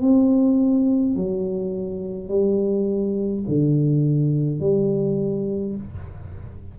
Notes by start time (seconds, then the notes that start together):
0.00 C4
1.15 F#3
2.28 G3
3.48 D3
4.60 G3